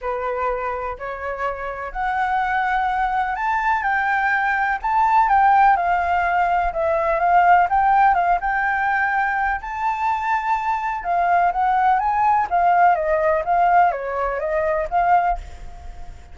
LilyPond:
\new Staff \with { instrumentName = "flute" } { \time 4/4 \tempo 4 = 125 b'2 cis''2 | fis''2. a''4 | g''2 a''4 g''4 | f''2 e''4 f''4 |
g''4 f''8 g''2~ g''8 | a''2. f''4 | fis''4 gis''4 f''4 dis''4 | f''4 cis''4 dis''4 f''4 | }